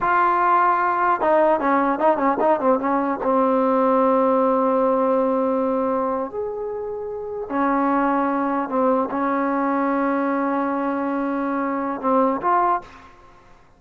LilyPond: \new Staff \with { instrumentName = "trombone" } { \time 4/4 \tempo 4 = 150 f'2. dis'4 | cis'4 dis'8 cis'8 dis'8 c'8 cis'4 | c'1~ | c'2.~ c'8. gis'16~ |
gis'2~ gis'8. cis'4~ cis'16~ | cis'4.~ cis'16 c'4 cis'4~ cis'16~ | cis'1~ | cis'2 c'4 f'4 | }